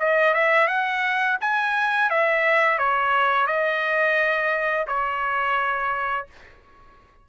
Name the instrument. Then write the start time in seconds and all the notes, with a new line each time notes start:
trumpet
0.00 D#5
0.34 E5
0.68 F#5
1.41 G#5
2.10 E5
2.79 C#5
3.47 D#5
4.87 C#5